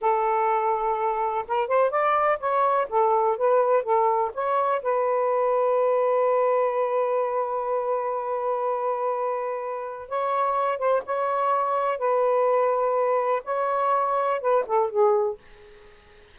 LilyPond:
\new Staff \with { instrumentName = "saxophone" } { \time 4/4 \tempo 4 = 125 a'2. ais'8 c''8 | d''4 cis''4 a'4 b'4 | a'4 cis''4 b'2~ | b'1~ |
b'1~ | b'4 cis''4. c''8 cis''4~ | cis''4 b'2. | cis''2 b'8 a'8 gis'4 | }